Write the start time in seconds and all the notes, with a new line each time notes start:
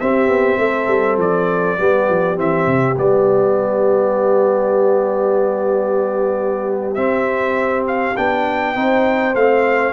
0.00 C4 G4 E5
0.28 B3
0.58 A3 A4
0.87 G3
1.17 F3 D5
1.79 G3 B3 G4
2.09 F3
2.36 E3 C4 E5
2.67 C3
2.97 G3 B3 D5
6.95 C4 E5
7.87 F5
8.17 B3 D4 G5
8.75 C4 D#4 C5
9.35 A3 C4 F5